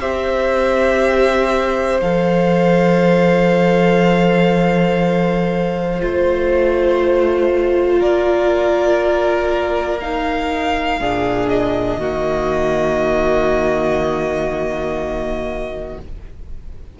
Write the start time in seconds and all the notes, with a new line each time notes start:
0.00 C4 G4 C5 E5
2.01 F3 A4 F5
5.99 A3 F4 C5
7.99 A#3 A#4 D5
9.99 D#4 F5
11.00 A#2 D4 G#4
11.48 D#5
11.96 D#3 A#3 F#4